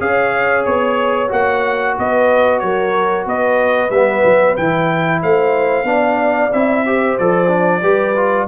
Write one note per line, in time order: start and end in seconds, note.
0.00 0.65 C#4
0.00 1.28 G#4
0.00 1.97 C#5
0.00 0.65 F5
0.65 1.31 B3
0.65 1.30 C#5
1.28 1.97 A#3
1.28 3.89 F#4
1.28 1.97 F#5
1.98 2.62 B3
1.98 2.63 B4
1.98 2.59 D#5
2.59 3.26 F#3
2.59 3.26 A#4
2.59 3.24 C#5
3.26 3.90 B3
3.26 5.21 B4
3.26 3.90 D#5
3.90 4.22 G3
3.90 4.59 B3
3.90 4.56 E5
4.24 4.57 F#3
4.57 5.23 E3
4.57 5.85 E4
4.57 5.22 G5
5.22 5.84 A3
5.22 5.87 C5
5.22 6.52 F5
5.84 6.49 B3
5.84 6.50 D4
5.84 6.86 D5
6.52 7.18 C4
6.52 6.86 E4
6.52 7.18 E5
6.86 7.19 G4
6.86 7.82 C5
7.18 7.82 F3
7.18 7.48 A4
7.18 8.48 D5
7.48 7.80 D4
7.82 8.47 G3
7.82 8.15 G4
7.82 8.47 B4
8.16 8.48 F4